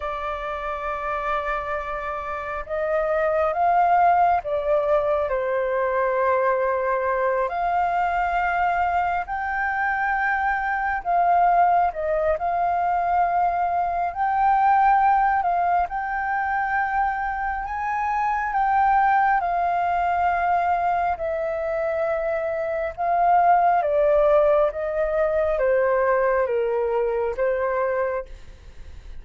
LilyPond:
\new Staff \with { instrumentName = "flute" } { \time 4/4 \tempo 4 = 68 d''2. dis''4 | f''4 d''4 c''2~ | c''8 f''2 g''4.~ | g''8 f''4 dis''8 f''2 |
g''4. f''8 g''2 | gis''4 g''4 f''2 | e''2 f''4 d''4 | dis''4 c''4 ais'4 c''4 | }